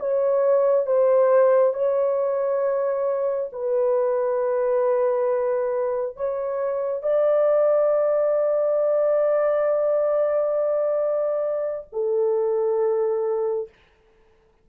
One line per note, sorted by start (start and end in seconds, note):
0.00 0.87 C#5
0.87 1.74 C5
1.74 3.50 C#5
3.53 6.16 B4
6.16 7.03 C#5
7.03 11.88 D5
11.92 13.69 A4